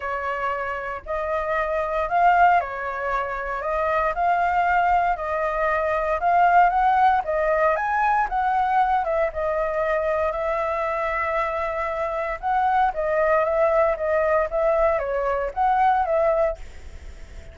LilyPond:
\new Staff \with { instrumentName = "flute" } { \time 4/4 \tempo 4 = 116 cis''2 dis''2 | f''4 cis''2 dis''4 | f''2 dis''2 | f''4 fis''4 dis''4 gis''4 |
fis''4. e''8 dis''2 | e''1 | fis''4 dis''4 e''4 dis''4 | e''4 cis''4 fis''4 e''4 | }